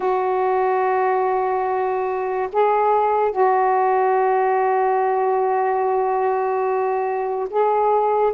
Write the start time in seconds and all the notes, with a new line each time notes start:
0.00 F#4
2.52 G#4
3.31 F#4
7.50 G#4